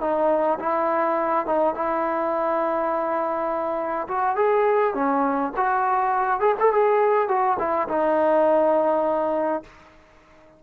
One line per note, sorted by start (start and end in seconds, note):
0.00 0.58 D#4
0.59 1.46 E4
1.46 1.74 D#4
1.74 4.07 E4
4.08 4.36 F#4
4.36 4.94 G#4
4.94 5.52 C#4
5.56 6.40 F#4
6.40 6.55 G#4
6.59 6.73 A4
6.73 7.28 G#4
7.28 7.57 F#4
7.59 7.88 E4
7.88 9.62 D#4